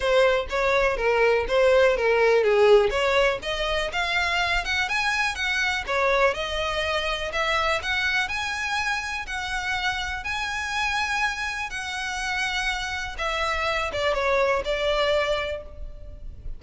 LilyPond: \new Staff \with { instrumentName = "violin" } { \time 4/4 \tempo 4 = 123 c''4 cis''4 ais'4 c''4 | ais'4 gis'4 cis''4 dis''4 | f''4. fis''8 gis''4 fis''4 | cis''4 dis''2 e''4 |
fis''4 gis''2 fis''4~ | fis''4 gis''2. | fis''2. e''4~ | e''8 d''8 cis''4 d''2 | }